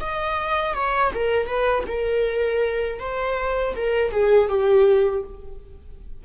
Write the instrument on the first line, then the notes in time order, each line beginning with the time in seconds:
viola
0.00 D#5
0.73 C#5
1.14 A#4
1.46 B4
1.87 A#4
2.99 C5
3.75 A#4
4.11 G#4
4.48 G4